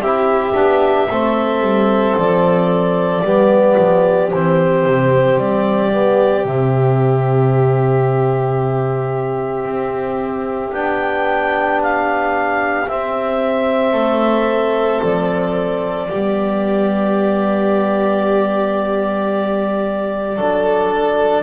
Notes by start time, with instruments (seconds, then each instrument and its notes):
0.00 double bass C4, trombone E4, violin G4, clarinet E5
0.54 double bass B3, trombone D4
1.10 double bass A3, trombone C4, violin A4
1.61 double bass G3
2.18 double bass F3, clarinet D5
3.22 double bass G3, trombone B3, violin G4
3.79 double bass F3
4.32 double bass E3, trombone C4, clarinet C5
4.86 double bass C3
5.38 double bass G3, clarinet D5
5.92 trombone B3
6.44 double bass C3, trombone C4, clarinet E5
9.65 double bass C4
10.73 double bass B3, trombone D4, clarinet G5
11.83 clarinet F5
12.88 double bass C4, trombone C4, clarinet E5
13.92 double bass A3, violin A4
15.03 double bass F3, clarinet D5
16.10 double bass G3, trombone B3, violin G4
20.37 double bass F#3, trombone D4, violin A4